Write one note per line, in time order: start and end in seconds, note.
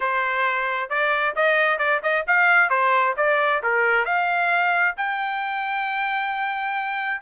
0.00 0.89 C5
0.89 1.34 D5
1.35 1.78 D#5
1.78 2.01 D5
2.02 2.25 D#5
2.27 2.69 F5
2.69 3.14 C5
3.16 3.62 D5
3.62 4.05 A#4
4.05 4.95 F5
4.96 7.21 G5